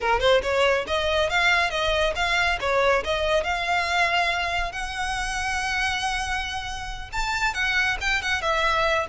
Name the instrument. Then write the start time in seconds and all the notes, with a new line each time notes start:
violin
0.01 A#4
0.20 C5
0.42 C#5
0.87 D#5
1.29 F5
1.70 D#5
2.15 F5
2.60 C#5
3.04 D#5
3.43 F5
4.71 F#5
7.12 A5
7.54 F#5
8.01 G5
8.22 F#5
8.41 E5